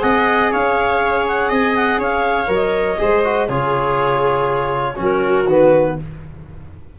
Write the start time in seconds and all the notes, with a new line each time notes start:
0.00 C4 G#4 D#5 F#5
0.51 C#4 C#5 F5
1.27 F#5
1.48 C4 D#5 G#5
1.76 F#5
1.98 C#4 C#5 F5
2.47 F#3 A#4
2.54 D#5
2.98 G#3 G#4 C5
3.24 F#4
3.48 C#3 F4 G#4 C#5
4.95 F#3 C#4 F#4
5.02 A#4
5.46 D#3 B3 B4